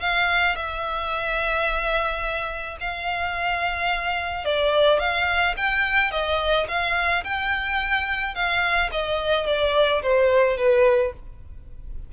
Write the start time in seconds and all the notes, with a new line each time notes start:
0.00 F5
0.55 E5
2.80 F5
4.44 D5
4.99 F5
5.57 G5
6.11 D#5
6.67 F5
7.24 G5
8.34 F5
8.91 D#5
9.46 D5
10.02 C5
10.57 B4